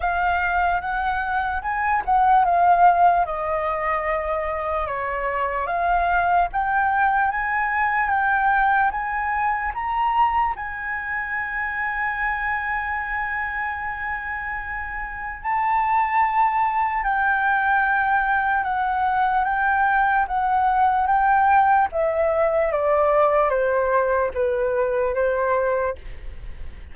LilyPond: \new Staff \with { instrumentName = "flute" } { \time 4/4 \tempo 4 = 74 f''4 fis''4 gis''8 fis''8 f''4 | dis''2 cis''4 f''4 | g''4 gis''4 g''4 gis''4 | ais''4 gis''2.~ |
gis''2. a''4~ | a''4 g''2 fis''4 | g''4 fis''4 g''4 e''4 | d''4 c''4 b'4 c''4 | }